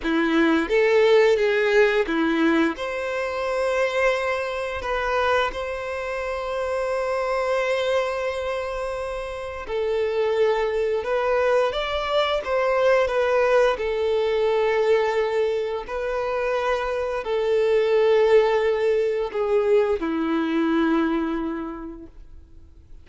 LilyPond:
\new Staff \with { instrumentName = "violin" } { \time 4/4 \tempo 4 = 87 e'4 a'4 gis'4 e'4 | c''2. b'4 | c''1~ | c''2 a'2 |
b'4 d''4 c''4 b'4 | a'2. b'4~ | b'4 a'2. | gis'4 e'2. | }